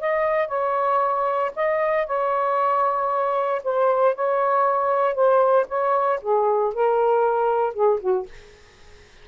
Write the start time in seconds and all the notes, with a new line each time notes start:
0.00 D#5
0.48 C#5
1.55 D#5
2.06 C#5
3.64 C5
4.15 C#5
5.14 C5
5.68 C#5
6.22 G#4
6.74 A#4
7.73 G#4
8.00 F#4